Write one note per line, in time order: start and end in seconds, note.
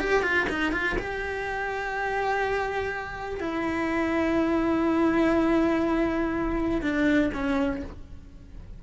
0.00 0.23 G4
0.23 0.47 F4
0.49 0.72 D#4
0.72 0.97 F4
0.99 3.40 G4
3.40 6.82 E4
6.82 7.31 D4
7.34 7.82 C#4